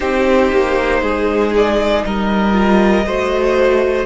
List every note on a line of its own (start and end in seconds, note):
0.00 0.51 C4
0.00 2.53 D#4
0.00 1.01 G4
0.00 1.52 C5
0.52 1.02 A#3
1.02 2.04 G#3
1.02 2.04 G#4
1.56 2.04 D5
2.04 3.05 G3
2.04 3.05 A#4
2.04 4.05 D#5
2.53 3.03 F4
3.05 4.05 A3
3.05 4.05 F#4
3.05 4.05 C5